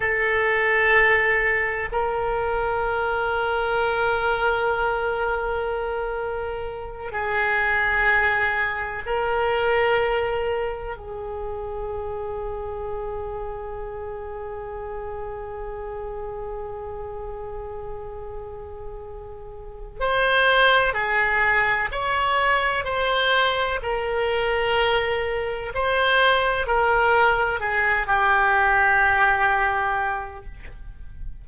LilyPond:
\new Staff \with { instrumentName = "oboe" } { \time 4/4 \tempo 4 = 63 a'2 ais'2~ | ais'2.~ ais'8 gis'8~ | gis'4. ais'2 gis'8~ | gis'1~ |
gis'1~ | gis'4 c''4 gis'4 cis''4 | c''4 ais'2 c''4 | ais'4 gis'8 g'2~ g'8 | }